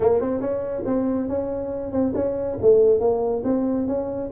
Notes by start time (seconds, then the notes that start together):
0.00 A#3
0.20 C4
0.41 C#4
0.85 C4
1.28 C#4
1.91 C4
2.14 C#4
2.61 A3
3.00 A#3
3.44 C4
3.87 C#4